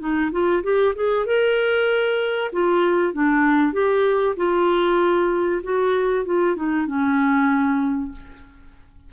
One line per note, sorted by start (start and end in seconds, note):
0.00 0.31 D#4
0.32 0.63 F4
0.64 0.95 G4
0.95 1.26 G#4
1.26 2.51 A#4
2.53 3.13 F4
3.13 3.73 D4
3.73 4.36 G4
4.37 5.62 F4
5.64 6.26 F#4
6.26 6.56 F4
6.56 6.87 D#4
6.87 8.12 C#4